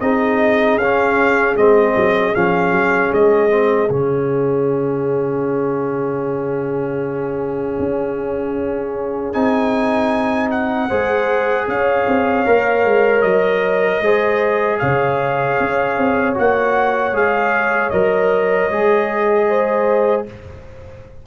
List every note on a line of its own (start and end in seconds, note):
0.00 0.77 C4
0.00 0.80 D#4
0.00 10.87 G#4
0.00 0.78 D#5
0.77 1.55 C#4
0.77 1.57 C#4
0.77 1.56 F5
1.56 1.95 G#3
1.56 2.34 C4
1.56 2.35 D#5
1.96 2.35 F#3
2.34 2.71 F3
2.34 3.50 C#4
2.34 3.13 F5
2.71 3.10 F#3
3.12 3.89 G#3
3.12 3.91 D#5
3.50 3.89 C4
3.89 7.79 C#3
3.89 9.33 C#4
3.89 9.33 F5
7.79 9.34 C#4
9.33 10.90 C4
9.33 10.89 D#4
9.33 10.50 G#5
10.51 11.68 F#5
10.87 11.67 G#3
10.87 12.45 G#4
10.87 11.65 C5
11.67 12.06 C#4
11.67 14.04 C#5
11.67 13.21 F5
12.07 12.46 C4
12.45 12.84 A#3
12.45 14.01 A#4
12.84 13.23 G#3
13.21 14.01 F#3
13.21 14.77 D#5
14.01 14.79 G#3
14.01 16.34 G#4
14.01 14.80 C5
14.79 15.59 C#3
14.79 19.48 C#5
14.79 16.35 F5
15.59 15.97 C#4
15.97 16.36 C4
16.34 17.12 A#3
16.34 17.12 F#4
16.34 17.16 F#5
17.12 17.90 G#3
17.12 17.92 G#4
17.12 17.90 F5
17.90 18.70 F#3
17.90 18.70 A#4
17.90 20.24 D#5
18.70 20.26 G#3
18.70 20.26 G#4
19.48 20.26 C5